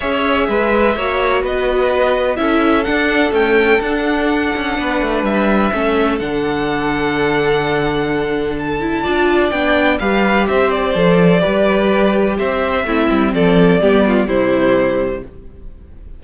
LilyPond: <<
  \new Staff \with { instrumentName = "violin" } { \time 4/4 \tempo 4 = 126 e''2. dis''4~ | dis''4 e''4 fis''4 g''4 | fis''2. e''4~ | e''4 fis''2.~ |
fis''2 a''2 | g''4 f''4 e''8 d''4.~ | d''2 e''2 | d''2 c''2 | }
  \new Staff \with { instrumentName = "violin" } { \time 4/4 cis''4 b'4 cis''4 b'4~ | b'4 a'2.~ | a'2 b'2 | a'1~ |
a'2. d''4~ | d''4 b'4 c''2 | b'2 c''4 e'4 | a'4 g'8 f'8 e'2 | }
  \new Staff \with { instrumentName = "viola" } { \time 4/4 gis'2 fis'2~ | fis'4 e'4 d'4 a4 | d'1 | cis'4 d'2.~ |
d'2~ d'8 e'8 f'4 | d'4 g'2 a'4 | g'2. c'4~ | c'4 b4 g2 | }
  \new Staff \with { instrumentName = "cello" } { \time 4/4 cis'4 gis4 ais4 b4~ | b4 cis'4 d'4 cis'4 | d'4. cis'8 b8 a8 g4 | a4 d2.~ |
d2. d'4 | b4 g4 c'4 f4 | g2 c'4 a8 g8 | f4 g4 c2 | }
>>